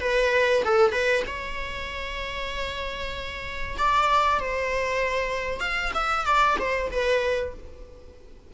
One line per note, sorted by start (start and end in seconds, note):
0.00 0.62 B4
0.64 0.91 A4
0.91 1.23 B4
1.27 3.77 C#5
3.78 4.39 D5
4.39 5.60 C5
5.60 5.91 F5
5.94 6.25 E5
6.26 6.57 D5
6.59 6.90 C5
6.91 7.54 B4